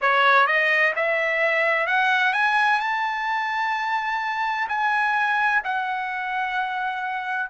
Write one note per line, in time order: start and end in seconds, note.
0.01 0.46 C#5
0.46 0.93 D#5
0.95 1.87 E5
1.87 2.33 F#5
2.33 2.80 G#5
2.80 4.67 A5
4.68 5.62 G#5
5.64 7.49 F#5